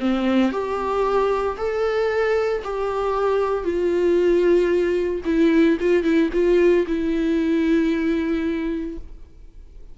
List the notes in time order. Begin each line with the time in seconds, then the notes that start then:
0.00 C4
0.52 G4
1.57 A4
2.64 G4
3.64 F4
5.25 E4
5.81 F4
6.03 E4
6.33 F4
6.87 E4